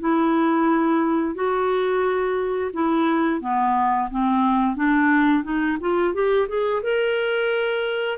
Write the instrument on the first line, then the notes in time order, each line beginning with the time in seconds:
clarinet
0.00 E4
1.35 F#4
2.73 E4
3.41 B3
4.11 C4
4.76 D4
5.44 D#4
5.80 F4
6.14 G4
6.49 G#4
6.83 A#4